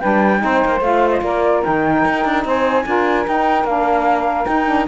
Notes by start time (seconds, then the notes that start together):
0.00 G3 D4 B4 G5
0.40 C4 D#4 C5
0.66 A#3
0.81 A3 F4 F5
1.11 D#5
1.22 A#3 A#4 D5
1.63 D#3 D#4 G5
2.05 D#4
2.25 D4
2.45 C4 C5 G#5
2.85 D4 F4 A#4
3.27 D#4 G5
3.65 A#3 D4 F5
4.46 D#4 G5
4.67 D4